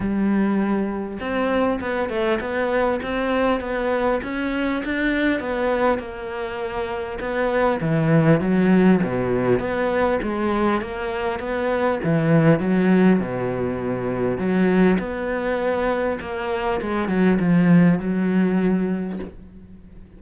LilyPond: \new Staff \with { instrumentName = "cello" } { \time 4/4 \tempo 4 = 100 g2 c'4 b8 a8 | b4 c'4 b4 cis'4 | d'4 b4 ais2 | b4 e4 fis4 b,4 |
b4 gis4 ais4 b4 | e4 fis4 b,2 | fis4 b2 ais4 | gis8 fis8 f4 fis2 | }